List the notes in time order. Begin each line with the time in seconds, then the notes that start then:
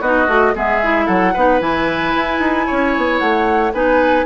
0.00 B3 D#4 F#4 D#5
0.27 A3 F#4
0.55 G#3 B3 G#4 E5
0.82 E4
1.05 F#3 A4 F#5
1.33 B3 D#4 B4
1.60 E3 E4 G#5
2.15 E4
2.39 D#4
2.66 C#4 C#5
2.96 B3
3.18 A3 F#5
3.73 B3 D#4 B4 G#5